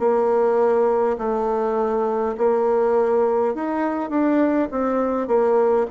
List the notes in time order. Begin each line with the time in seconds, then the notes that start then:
0.00 A#3
1.18 A3
2.38 A#3
3.55 D#4
4.10 D4
4.71 C4
5.28 A#3